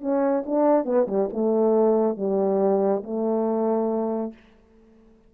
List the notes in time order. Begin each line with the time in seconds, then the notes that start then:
0.00 C#4
0.46 D4
0.85 B3
1.07 G3
1.32 A3
2.16 G3
3.03 A3